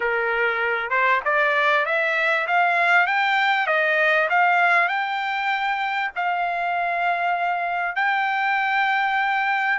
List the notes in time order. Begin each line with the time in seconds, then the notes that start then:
0.00 A#4
0.90 C5
1.24 D5
1.85 E5
2.47 F5
3.06 G5
3.67 D#5
4.29 F5
4.88 G5
6.15 F5
7.95 G5